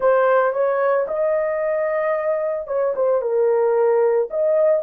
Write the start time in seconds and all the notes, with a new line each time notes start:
0.00 C5
0.52 C#5
1.07 D#5
2.67 C#5
2.95 C5
3.21 A#4
4.30 D#5